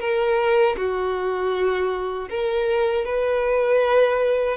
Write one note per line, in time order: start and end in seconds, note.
0.00 0.76 A#4
0.77 2.29 F#4
2.29 3.05 A#4
3.05 4.57 B4